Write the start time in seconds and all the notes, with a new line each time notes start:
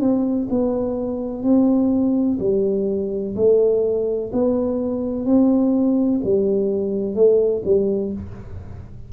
0.00 C4
0.50 B3
1.43 C4
2.39 G3
3.35 A3
4.32 B3
5.25 C4
6.23 G3
7.15 A3
7.65 G3